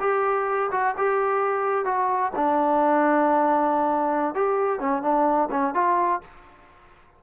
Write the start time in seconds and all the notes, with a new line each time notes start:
0.00 G4
0.72 F#4
0.97 G4
1.85 F#4
2.36 D4
4.35 G4
4.80 C#4
5.02 D4
5.51 C#4
5.74 F4